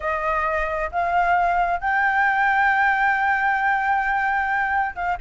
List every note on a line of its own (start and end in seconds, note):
0.00 0.90 D#5
0.91 1.80 F5
1.80 4.95 G5
4.95 5.18 F5